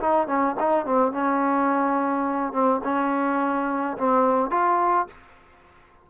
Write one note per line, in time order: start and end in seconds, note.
0.00 0.27 D#4
0.27 0.55 C#4
0.59 0.85 D#4
0.85 1.12 C4
1.12 2.53 C#4
2.53 2.81 C4
2.84 3.97 C#4
3.98 4.50 C4
4.50 5.07 F4